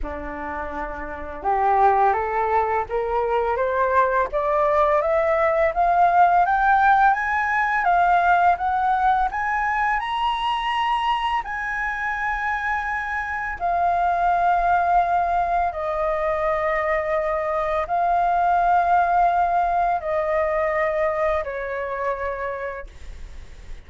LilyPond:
\new Staff \with { instrumentName = "flute" } { \time 4/4 \tempo 4 = 84 d'2 g'4 a'4 | ais'4 c''4 d''4 e''4 | f''4 g''4 gis''4 f''4 | fis''4 gis''4 ais''2 |
gis''2. f''4~ | f''2 dis''2~ | dis''4 f''2. | dis''2 cis''2 | }